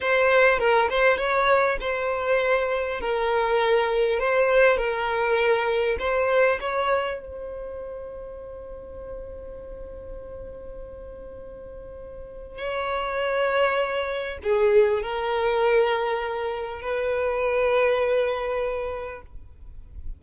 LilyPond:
\new Staff \with { instrumentName = "violin" } { \time 4/4 \tempo 4 = 100 c''4 ais'8 c''8 cis''4 c''4~ | c''4 ais'2 c''4 | ais'2 c''4 cis''4 | c''1~ |
c''1~ | c''4 cis''2. | gis'4 ais'2. | b'1 | }